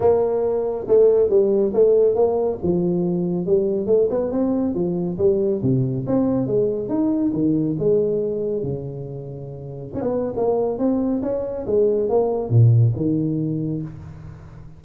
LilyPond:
\new Staff \with { instrumentName = "tuba" } { \time 4/4 \tempo 4 = 139 ais2 a4 g4 | a4 ais4 f2 | g4 a8 b8 c'4 f4 | g4 c4 c'4 gis4 |
dis'4 dis4 gis2 | cis2. cis'16 b8. | ais4 c'4 cis'4 gis4 | ais4 ais,4 dis2 | }